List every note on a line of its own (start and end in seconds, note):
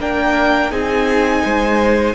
0.00 0.72 A#3
0.00 0.71 D4
0.00 0.72 A#4
0.00 0.72 G5
0.71 1.44 C4
0.71 2.15 D#4
0.71 1.43 G#4
0.71 2.15 G#5
1.43 2.15 G#3
1.43 2.15 C5